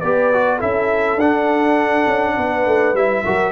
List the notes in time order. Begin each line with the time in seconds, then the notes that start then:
0.00 B3 G4 B4 D5
0.33 F#4
0.56 C#4 E4 A4 E5
1.16 D4 F#5
2.07 C#4
2.36 B3 B4
2.66 A3
2.94 G3 E4 E5
3.24 F#3 F#4 A#4